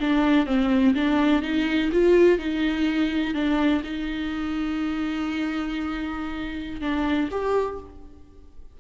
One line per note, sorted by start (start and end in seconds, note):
0.00 0.46 D4
0.46 0.94 C4
0.95 1.42 D4
1.42 1.90 D#4
1.92 2.38 F4
2.38 3.34 D#4
3.34 3.82 D4
3.84 6.81 D#4
6.81 7.29 D4
7.31 7.79 G4